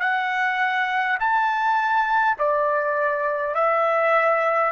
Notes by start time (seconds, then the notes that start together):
0.00 F#5
1.20 A5
2.39 D5
3.55 E5